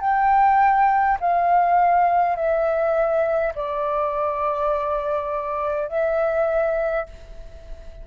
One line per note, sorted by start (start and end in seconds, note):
0.00 1.18 G5
1.20 2.35 F5
2.35 3.53 E5
3.55 5.88 D5
5.88 7.06 E5